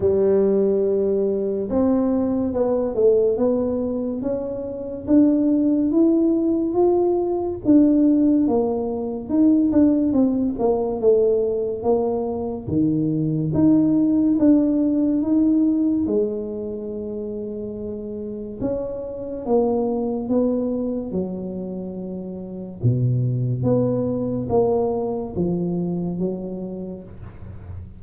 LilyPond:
\new Staff \with { instrumentName = "tuba" } { \time 4/4 \tempo 4 = 71 g2 c'4 b8 a8 | b4 cis'4 d'4 e'4 | f'4 d'4 ais4 dis'8 d'8 | c'8 ais8 a4 ais4 dis4 |
dis'4 d'4 dis'4 gis4~ | gis2 cis'4 ais4 | b4 fis2 b,4 | b4 ais4 f4 fis4 | }